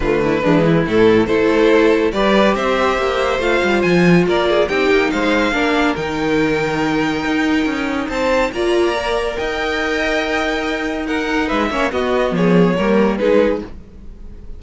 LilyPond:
<<
  \new Staff \with { instrumentName = "violin" } { \time 4/4 \tempo 4 = 141 b'2 a'4 c''4~ | c''4 d''4 e''2 | f''4 gis''4 d''4 g''4 | f''2 g''2~ |
g''2. a''4 | ais''2 g''2~ | g''2 fis''4 e''4 | dis''4 cis''2 b'4 | }
  \new Staff \with { instrumentName = "violin" } { \time 4/4 f'8 e'8 d'8 e'4. a'4~ | a'4 b'4 c''2~ | c''2 ais'8 gis'8 g'4 | c''4 ais'2.~ |
ais'2. c''4 | d''2 dis''2~ | dis''2 ais'4 b'8 cis''8 | fis'4 gis'4 ais'4 gis'4 | }
  \new Staff \with { instrumentName = "viola" } { \time 4/4 a4 gis4 a4 e'4~ | e'4 g'2. | f'2. dis'4~ | dis'4 d'4 dis'2~ |
dis'1 | f'4 ais'2.~ | ais'2 dis'4. cis'8 | b2 ais4 dis'4 | }
  \new Staff \with { instrumentName = "cello" } { \time 4/4 d4 e4 a,4 a4~ | a4 g4 c'4 ais4 | a8 g8 f4 ais4 c'8 ais8 | gis4 ais4 dis2~ |
dis4 dis'4 cis'4 c'4 | ais2 dis'2~ | dis'2. gis8 ais8 | b4 f4 g4 gis4 | }
>>